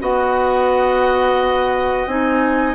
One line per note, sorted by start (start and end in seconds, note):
0.00 2.07 B3
0.00 2.07 F#4
0.00 2.75 D#5
0.00 2.08 F#5
2.07 2.75 C4
2.07 2.75 D#4
2.07 2.75 G#5